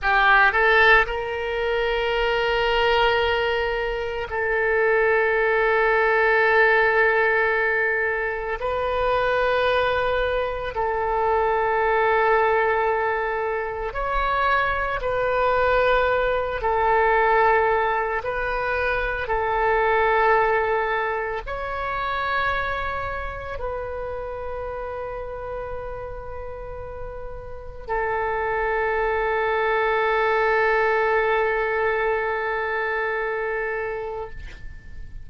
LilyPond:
\new Staff \with { instrumentName = "oboe" } { \time 4/4 \tempo 4 = 56 g'8 a'8 ais'2. | a'1 | b'2 a'2~ | a'4 cis''4 b'4. a'8~ |
a'4 b'4 a'2 | cis''2 b'2~ | b'2 a'2~ | a'1 | }